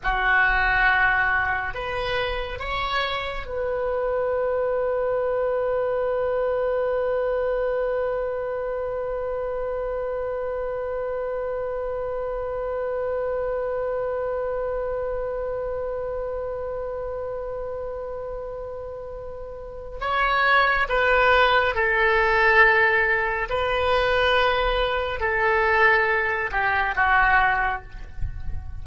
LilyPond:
\new Staff \with { instrumentName = "oboe" } { \time 4/4 \tempo 4 = 69 fis'2 b'4 cis''4 | b'1~ | b'1~ | b'1~ |
b'1~ | b'2. cis''4 | b'4 a'2 b'4~ | b'4 a'4. g'8 fis'4 | }